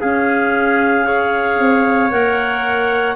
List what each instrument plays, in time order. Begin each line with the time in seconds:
0.00 clarinet C#4 F5, tuba C#4, trumpet G#4
1.04 clarinet G#4, trumpet C#5
1.59 tuba C4
2.10 tuba A#3, clarinet A#4 F#5